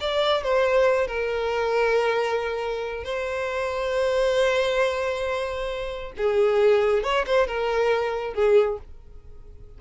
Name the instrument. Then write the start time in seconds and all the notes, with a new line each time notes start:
violin
0.00 D5
0.43 C5
1.07 A#4
3.04 C5
6.17 G#4
7.03 C#5
7.26 C5
7.47 A#4
8.34 G#4